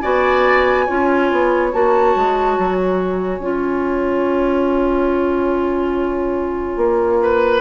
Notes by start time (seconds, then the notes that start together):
0.00 B3 F#4 D5 G#5
0.85 C#4 F4 C#5
1.32 B3
1.73 A#3 F#4 A5
2.15 G#3
2.58 F#3
2.76 G#5
3.39 C#4 F4
6.77 A#3
7.22 B4